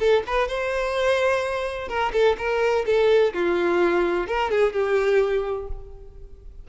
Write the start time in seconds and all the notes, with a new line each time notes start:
0.00 A4
0.27 B4
0.49 C5
1.89 A#4
2.13 A4
2.38 A#4
2.86 A4
3.34 F4
4.28 A#4
4.51 G#4
4.73 G4